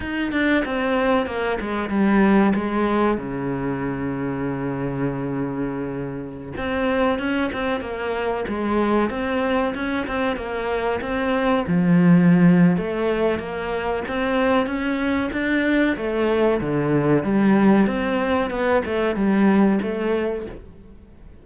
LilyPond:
\new Staff \with { instrumentName = "cello" } { \time 4/4 \tempo 4 = 94 dis'8 d'8 c'4 ais8 gis8 g4 | gis4 cis2.~ | cis2~ cis16 c'4 cis'8 c'16~ | c'16 ais4 gis4 c'4 cis'8 c'16~ |
c'16 ais4 c'4 f4.~ f16 | a4 ais4 c'4 cis'4 | d'4 a4 d4 g4 | c'4 b8 a8 g4 a4 | }